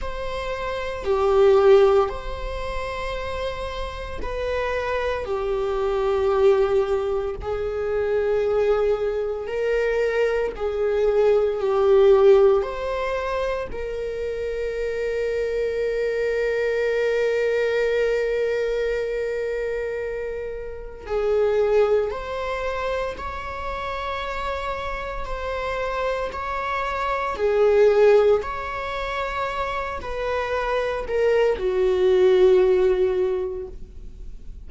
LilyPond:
\new Staff \with { instrumentName = "viola" } { \time 4/4 \tempo 4 = 57 c''4 g'4 c''2 | b'4 g'2 gis'4~ | gis'4 ais'4 gis'4 g'4 | c''4 ais'2.~ |
ais'1 | gis'4 c''4 cis''2 | c''4 cis''4 gis'4 cis''4~ | cis''8 b'4 ais'8 fis'2 | }